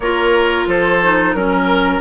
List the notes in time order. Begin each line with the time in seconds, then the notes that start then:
0.00 A#3 F4 A#4 C#5
0.67 F3 A4 C5
1.04 D#4
1.32 F#3 C#4 A#4